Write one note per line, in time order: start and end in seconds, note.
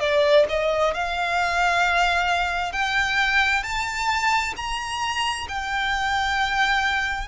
0.00 0.45 D5
0.49 0.94 D#5
0.94 2.72 F5
2.72 3.63 G5
3.63 4.54 A5
4.56 5.47 A#5
5.48 7.28 G5